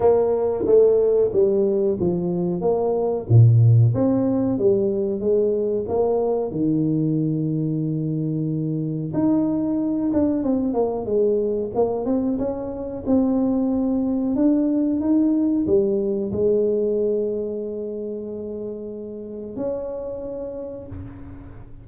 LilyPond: \new Staff \with { instrumentName = "tuba" } { \time 4/4 \tempo 4 = 92 ais4 a4 g4 f4 | ais4 ais,4 c'4 g4 | gis4 ais4 dis2~ | dis2 dis'4. d'8 |
c'8 ais8 gis4 ais8 c'8 cis'4 | c'2 d'4 dis'4 | g4 gis2.~ | gis2 cis'2 | }